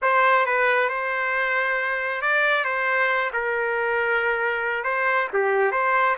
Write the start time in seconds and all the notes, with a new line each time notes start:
0.02 C5
0.46 B4
0.89 C5
2.21 D5
2.64 C5
3.33 A#4
4.84 C5
5.33 G4
5.71 C5